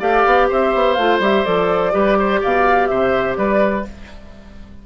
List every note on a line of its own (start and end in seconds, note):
0.00 0.25 A3
0.00 0.96 G4
0.00 0.48 D5
0.00 0.49 F5
0.25 0.49 B3
0.49 0.74 C4
0.49 1.93 C5
0.49 0.93 E5
0.74 0.97 B3
0.93 1.20 A3
0.93 1.22 F4
0.93 1.17 F5
1.20 1.44 G3
1.20 1.45 G4
1.20 1.45 E5
1.45 1.94 F3
1.45 1.92 A4
1.45 2.41 D5
1.92 2.42 G3
1.92 3.84 G4
1.92 2.18 B4
2.19 2.40 C5
2.40 2.90 B2
2.40 2.88 D5
2.40 2.88 F5
2.88 3.37 C3
2.88 3.38 C5
2.88 3.35 E5
3.37 3.85 G3
3.37 3.86 B4
3.37 3.85 D5